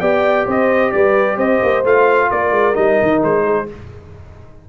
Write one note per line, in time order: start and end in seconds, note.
0.00 0.47 B3
0.00 1.84 G4
0.00 0.46 D5
0.00 0.46 G5
0.46 0.93 C4
0.46 0.92 C5
0.46 0.91 D#5
0.91 1.37 G3
0.91 1.36 B4
0.91 1.37 D5
1.36 1.60 C4
1.36 2.27 C5
1.36 1.84 D#5
1.63 1.84 A#3
1.84 2.30 A3
1.84 2.74 F4
1.84 2.31 F5
2.31 2.51 A#3
2.31 3.44 A#4
2.31 2.75 D5
2.51 2.74 G#3
2.74 3.00 G3
2.74 3.66 D#4
2.74 3.21 D#5
3.02 3.23 D#3
3.23 3.69 G#3
3.23 3.69 C5
3.44 3.67 G#4